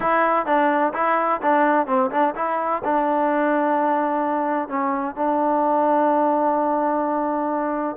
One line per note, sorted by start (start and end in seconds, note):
0.00 0.46 E4
0.46 0.93 D4
0.93 1.40 E4
1.42 1.86 D4
1.86 2.10 C4
2.11 2.34 D4
2.35 2.82 E4
2.84 4.68 D4
4.68 5.15 C#4
5.15 7.96 D4